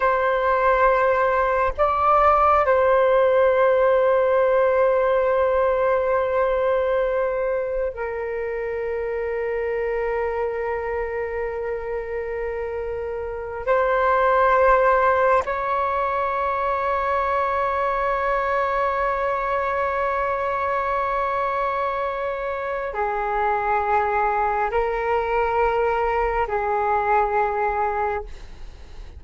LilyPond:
\new Staff \with { instrumentName = "flute" } { \time 4/4 \tempo 4 = 68 c''2 d''4 c''4~ | c''1~ | c''4 ais'2.~ | ais'2.~ ais'8 c''8~ |
c''4. cis''2~ cis''8~ | cis''1~ | cis''2 gis'2 | ais'2 gis'2 | }